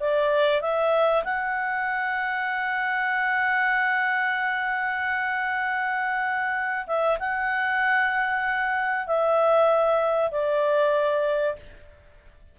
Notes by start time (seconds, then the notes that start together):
0.00 D5
0.61 E5
1.24 F#5
6.87 E5
7.19 F#5
9.07 E5
10.31 D5